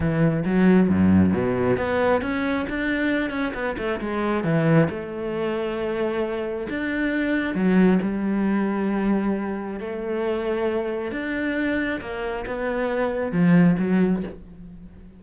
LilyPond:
\new Staff \with { instrumentName = "cello" } { \time 4/4 \tempo 4 = 135 e4 fis4 fis,4 b,4 | b4 cis'4 d'4. cis'8 | b8 a8 gis4 e4 a4~ | a2. d'4~ |
d'4 fis4 g2~ | g2 a2~ | a4 d'2 ais4 | b2 f4 fis4 | }